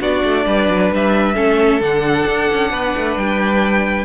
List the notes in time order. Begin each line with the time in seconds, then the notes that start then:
0.00 B3 D4 F#4 D5
0.24 A3
0.46 G3 B4
0.68 F#3
0.91 G3 E5
1.34 A3 C#4 A4
1.80 D3 D4 F#5
2.26 D4
2.52 C#4
2.71 B3 B4
2.97 A3
3.16 G3 G5